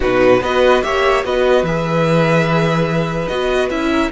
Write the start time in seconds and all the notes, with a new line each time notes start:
0.00 B2 D#4 F#4 B4
0.40 B3 F#4 B4 D#5
0.82 A#3 G4 C#5 E5
1.24 B3 F#4 B4 D#5
1.63 E3 G#4 E5
3.27 B3 F#4 D#5
3.69 C#4 E4 E5
3.90 A#4